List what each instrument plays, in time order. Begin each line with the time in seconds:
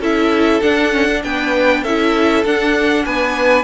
0.00 cello C#4, viola E4, violin A4 E5
0.62 viola D4, cello D4, violin F#5
0.92 viola C#4
1.10 viola D4
1.24 cello B3, violin B4 G5
1.83 cello C#4, viola E4, violin A4 E5
2.45 cello D4, viola D4, violin F#5
3.05 cello B3, violin B4 G#5